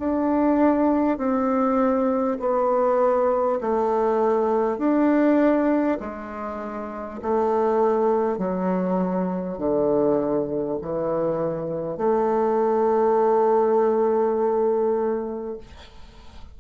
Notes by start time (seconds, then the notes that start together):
0.00 D4
1.18 C4
2.40 B3
3.61 A3
4.79 D4
6.01 G#3
7.23 A3
8.38 F#3
9.59 D3
10.82 E3
11.98 A3